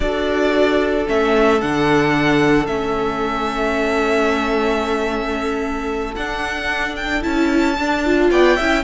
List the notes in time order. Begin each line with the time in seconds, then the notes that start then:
0.00 D4 F#4 A4 D5
1.06 A3 C#4 E5
1.60 D3 D4 F#5
2.66 A3 C#4 E5
6.15 D4 F#5
6.96 G5
7.21 C#4 E4 A5
7.78 D4
8.05 F4
8.29 B3 D5 G5
8.56 C#4 E4 E5